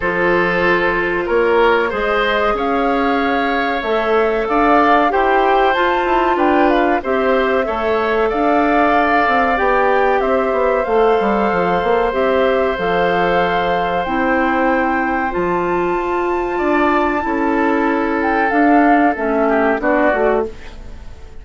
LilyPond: <<
  \new Staff \with { instrumentName = "flute" } { \time 4/4 \tempo 4 = 94 c''2 cis''4 dis''4 | f''2 e''4 f''4 | g''4 a''4 g''8 f''8 e''4~ | e''4 f''2 g''4 |
e''4 f''2 e''4 | f''2 g''2 | a''1~ | a''8 g''8 f''4 e''4 d''4 | }
  \new Staff \with { instrumentName = "oboe" } { \time 4/4 a'2 ais'4 c''4 | cis''2. d''4 | c''2 b'4 c''4 | cis''4 d''2. |
c''1~ | c''1~ | c''2 d''4 a'4~ | a'2~ a'8 g'8 fis'4 | }
  \new Staff \with { instrumentName = "clarinet" } { \time 4/4 f'2. gis'4~ | gis'2 a'2 | g'4 f'2 g'4 | a'2. g'4~ |
g'4 a'2 g'4 | a'2 e'2 | f'2. e'4~ | e'4 d'4 cis'4 d'8 fis'8 | }
  \new Staff \with { instrumentName = "bassoon" } { \time 4/4 f2 ais4 gis4 | cis'2 a4 d'4 | e'4 f'8 e'8 d'4 c'4 | a4 d'4. c'8 b4 |
c'8 b8 a8 g8 f8 ais8 c'4 | f2 c'2 | f4 f'4 d'4 cis'4~ | cis'4 d'4 a4 b8 a8 | }
>>